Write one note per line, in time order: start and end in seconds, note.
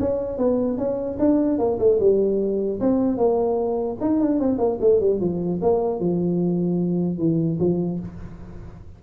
0.00 0.38 C#4
0.38 0.78 B3
0.78 1.18 C#4
1.19 1.59 D4
1.59 1.79 A#3
1.79 1.99 A3
2.00 2.80 G3
2.80 3.18 C4
3.18 3.98 A#3
4.01 4.20 D#4
4.20 4.40 D4
4.40 4.58 C4
4.58 4.78 A#3
4.81 5.00 A3
5.00 5.20 G3
5.20 5.60 F3
5.62 6.00 A#3
6.00 7.18 F3
7.18 7.58 E3
7.59 7.99 F3